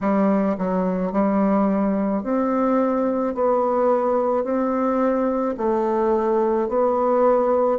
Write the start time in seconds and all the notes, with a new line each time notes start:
0.01 G3
0.58 F#3
1.12 G3
2.23 C4
3.34 B3
4.44 C4
5.57 A3
6.68 B3